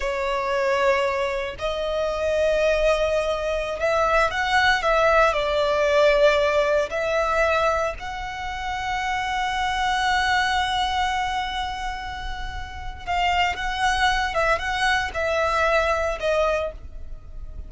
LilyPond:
\new Staff \with { instrumentName = "violin" } { \time 4/4 \tempo 4 = 115 cis''2. dis''4~ | dis''2.~ dis''16 e''8.~ | e''16 fis''4 e''4 d''4.~ d''16~ | d''4~ d''16 e''2 fis''8.~ |
fis''1~ | fis''1~ | fis''4 f''4 fis''4. e''8 | fis''4 e''2 dis''4 | }